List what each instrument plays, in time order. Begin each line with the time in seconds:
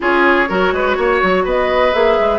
0.00 bassoon C#4, clarinet F4, oboe G#4, flute C#5
0.49 bassoon F#3, clarinet F#4, oboe A#4
0.72 bassoon G#3, oboe B4
0.97 bassoon A#3, oboe C#5
1.22 bassoon F#3
1.44 bassoon B3, oboe B4, flute D#5
1.93 bassoon A#3, clarinet G#4, flute E5
2.20 bassoon G#3